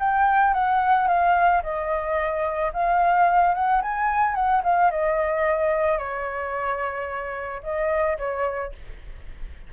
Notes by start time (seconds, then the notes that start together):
0.00 G5
0.54 F#5
1.08 F5
1.63 D#5
2.74 F5
3.55 F#5
3.82 G#5
4.35 F#5
4.64 F5
4.91 D#5
5.99 C#5
7.63 D#5
8.18 C#5